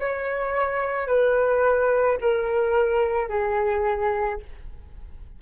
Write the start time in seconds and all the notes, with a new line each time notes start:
0.00 C#5
1.08 B4
2.21 A#4
3.29 G#4